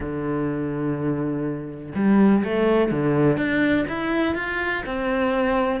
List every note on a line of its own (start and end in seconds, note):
0.00 1.93 D3
1.95 2.43 G3
2.44 2.91 A3
2.91 3.37 D3
3.37 3.85 D4
3.88 4.35 E4
4.35 4.83 F4
4.86 5.80 C4